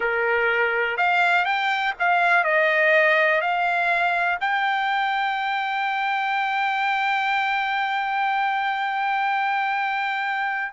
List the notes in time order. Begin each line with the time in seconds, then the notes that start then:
0.00 A#4
0.97 F5
1.45 G5
1.99 F5
2.44 D#5
3.41 F5
4.40 G5